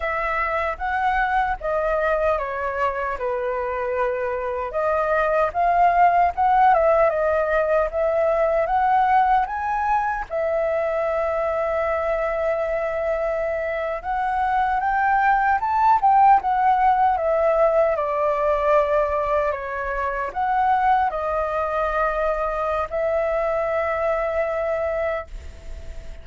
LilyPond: \new Staff \with { instrumentName = "flute" } { \time 4/4 \tempo 4 = 76 e''4 fis''4 dis''4 cis''4 | b'2 dis''4 f''4 | fis''8 e''8 dis''4 e''4 fis''4 | gis''4 e''2.~ |
e''4.~ e''16 fis''4 g''4 a''16~ | a''16 g''8 fis''4 e''4 d''4~ d''16~ | d''8. cis''4 fis''4 dis''4~ dis''16~ | dis''4 e''2. | }